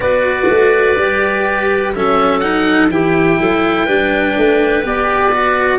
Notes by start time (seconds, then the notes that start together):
0.00 B3 F#4 B4 D5
0.49 A3
0.96 G3 G4
1.94 F#3 C#4 A4 E5
2.40 D#4 F#5
2.88 E3 E4 G4 G5
3.39 F#3 A4
3.85 G3 D4 B4
4.37 A3
4.82 B3 G4 D5
5.31 F#4